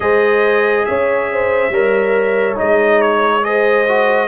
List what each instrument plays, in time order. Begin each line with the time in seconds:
0.00 tuba G#3, trombone G#4, horn C5, trumpet D#5
0.85 tuba C#4, horn C#5, trumpet E5
1.32 horn C5
1.69 tuba G3, trombone A#4, horn C#5
2.55 tuba G#3, trombone D#4, trumpet D#5
3.01 trumpet C#5
3.42 trombone G#4, horn C5, trumpet D#5
3.88 trombone F#4